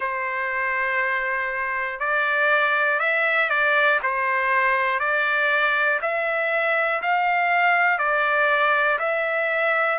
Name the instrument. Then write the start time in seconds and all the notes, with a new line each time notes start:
trumpet
0.00 C5
2.00 D5
3.00 E5
3.49 D5
4.03 C5
4.99 D5
6.01 E5
7.01 F5
7.98 D5
8.98 E5